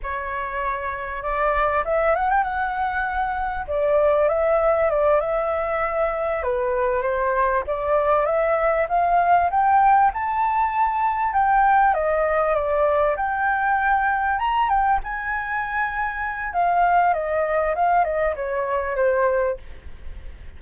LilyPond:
\new Staff \with { instrumentName = "flute" } { \time 4/4 \tempo 4 = 98 cis''2 d''4 e''8 fis''16 g''16 | fis''2 d''4 e''4 | d''8 e''2 b'4 c''8~ | c''8 d''4 e''4 f''4 g''8~ |
g''8 a''2 g''4 dis''8~ | dis''8 d''4 g''2 ais''8 | g''8 gis''2~ gis''8 f''4 | dis''4 f''8 dis''8 cis''4 c''4 | }